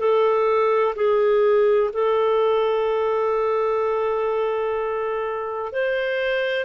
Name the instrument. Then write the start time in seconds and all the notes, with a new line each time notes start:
clarinet
0.00 A4
0.96 G#4
1.94 A4
5.72 C5